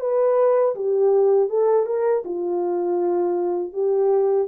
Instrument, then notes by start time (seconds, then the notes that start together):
horn
0.00 B4
0.75 G4
1.50 A4
1.86 A#4
2.25 F4
3.73 G4